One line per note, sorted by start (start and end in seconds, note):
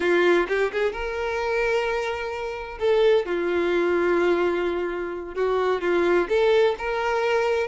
0.00 0.47 F4
0.48 0.71 G4
0.72 0.92 G#4
0.92 2.78 A#4
2.79 3.25 A4
3.25 5.34 F4
5.34 5.81 F#4
5.81 6.27 F4
6.29 6.75 A4
6.78 7.67 A#4